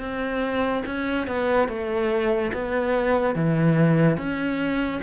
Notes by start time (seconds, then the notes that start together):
0.00 C4
0.86 C#4
1.27 B3
1.69 A3
2.53 B3
3.35 E3
4.17 C#4